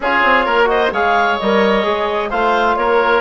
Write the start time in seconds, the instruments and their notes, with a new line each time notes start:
0.00 bassoon C#4, trombone F4, oboe G#4, clarinet C#5
0.23 bassoon C4
0.45 bassoon A#3, oboe A#4
0.64 trombone F#4, oboe C5, clarinet D#5
0.92 bassoon G#3, trombone G#4, oboe C#5, clarinet F5
1.38 bassoon G3, trombone A#4, clarinet D#5
1.83 bassoon G#3, trombone G#4
2.30 bassoon A3, trombone F4, oboe C5, clarinet F5
2.76 bassoon A#3, oboe A#4, clarinet C#5